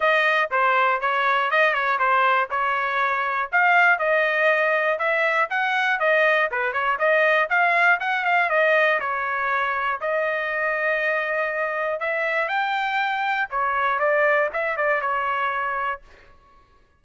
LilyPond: \new Staff \with { instrumentName = "trumpet" } { \time 4/4 \tempo 4 = 120 dis''4 c''4 cis''4 dis''8 cis''8 | c''4 cis''2 f''4 | dis''2 e''4 fis''4 | dis''4 b'8 cis''8 dis''4 f''4 |
fis''8 f''8 dis''4 cis''2 | dis''1 | e''4 g''2 cis''4 | d''4 e''8 d''8 cis''2 | }